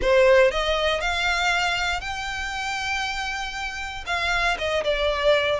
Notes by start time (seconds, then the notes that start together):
0.01 C5
0.51 D#5
1.01 F5
2.01 G5
4.06 F5
4.58 D#5
4.84 D5